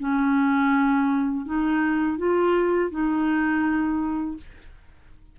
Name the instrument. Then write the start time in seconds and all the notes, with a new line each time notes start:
clarinet
0.00 C#4
1.46 D#4
2.19 F4
2.91 D#4